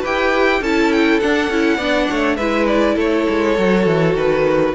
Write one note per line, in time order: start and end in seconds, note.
0.00 0.60 E4
0.00 0.62 G4
0.00 0.59 B4
0.00 0.63 G5
0.60 1.19 C#4
0.60 1.21 E4
0.60 1.76 A4
0.60 0.92 A5
0.92 1.19 G5
1.19 1.50 D4
1.19 2.36 F#5
1.50 1.78 C#4
1.50 1.80 E4
1.76 2.07 B3
1.76 2.39 D4
1.76 2.06 D5
2.10 2.37 A3
2.10 2.36 C#5
2.36 2.96 G#3
2.36 3.56 E4
2.36 2.95 B4
2.36 2.65 E5
2.67 2.96 D5
2.95 3.26 A3
2.95 4.71 A4
2.95 4.17 C#5
3.29 3.58 G#3
3.56 3.86 F#3
3.56 4.74 F#4
3.86 4.14 E3
4.14 4.73 D#3
4.14 4.74 B4